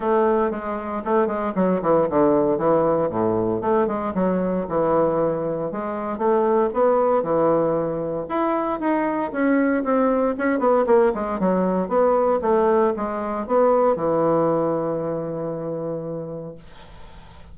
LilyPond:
\new Staff \with { instrumentName = "bassoon" } { \time 4/4 \tempo 4 = 116 a4 gis4 a8 gis8 fis8 e8 | d4 e4 a,4 a8 gis8 | fis4 e2 gis4 | a4 b4 e2 |
e'4 dis'4 cis'4 c'4 | cis'8 b8 ais8 gis8 fis4 b4 | a4 gis4 b4 e4~ | e1 | }